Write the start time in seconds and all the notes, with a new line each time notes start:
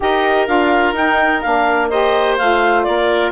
0.00 D#4 G4 A#4 D#5
0.46 D4 F4 F5
0.93 D#4 G5
1.41 A#3 D4 F5
1.89 G4 C5 D#5
2.37 A3 F4 F5
2.83 A#3 A#4 D5